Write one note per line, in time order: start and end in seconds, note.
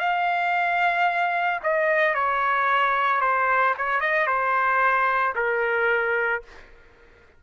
0.00 1.61 F5
1.64 2.15 D#5
2.15 3.21 C#5
3.21 3.75 C5
3.78 4.01 C#5
4.01 4.27 D#5
4.27 5.34 C5
5.36 6.43 A#4